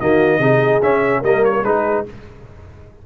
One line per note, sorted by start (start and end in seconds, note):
0.00 0.38 D#3
0.00 0.40 A#3
0.00 0.39 F#4
0.00 0.82 D#5
0.38 0.79 C3
0.38 0.81 D#4
0.38 1.21 G#4
0.82 1.23 C#4
0.82 1.23 E5
1.21 1.63 G3
1.21 1.64 A#3
1.21 1.62 A#4
1.21 1.44 D#5
1.44 1.64 C#5
1.63 2.04 G#3
1.63 2.06 D#4
1.63 2.05 G#4
1.63 2.05 B4